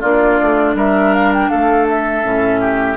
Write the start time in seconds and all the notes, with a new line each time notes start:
0.00 A#3 D4 F4 D5
0.41 A3
0.74 G3 A#4 E5
1.14 F5
1.33 G5
1.49 A3 A4 F5
1.88 E5
2.23 A2 C#4
2.60 G4